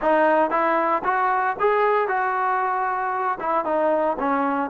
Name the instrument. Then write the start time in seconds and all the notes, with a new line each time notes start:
trombone
0.01 D#4
0.50 E4
1.04 F#4
1.59 G#4
2.08 F#4
3.40 E4
3.64 D#4
4.19 C#4